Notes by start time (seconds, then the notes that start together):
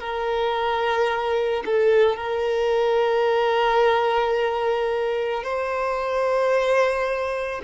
0.00 A#4
1.66 A4
2.17 A#4
5.43 C5